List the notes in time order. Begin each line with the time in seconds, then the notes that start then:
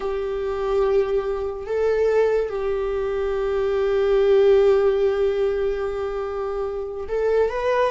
0.00 G4
1.66 A4
2.49 G4
7.08 A4
7.49 B4